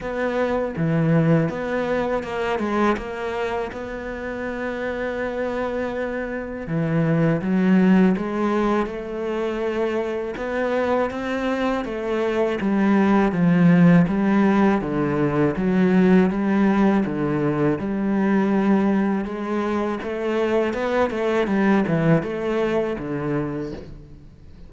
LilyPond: \new Staff \with { instrumentName = "cello" } { \time 4/4 \tempo 4 = 81 b4 e4 b4 ais8 gis8 | ais4 b2.~ | b4 e4 fis4 gis4 | a2 b4 c'4 |
a4 g4 f4 g4 | d4 fis4 g4 d4 | g2 gis4 a4 | b8 a8 g8 e8 a4 d4 | }